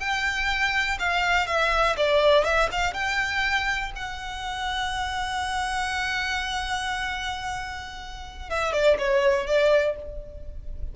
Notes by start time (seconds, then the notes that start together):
0.00 G5
0.99 F5
1.47 E5
1.97 D5
2.45 E5
2.72 F5
2.94 G5
3.96 F#5
8.50 E5
8.73 D5
8.98 C#5
9.47 D5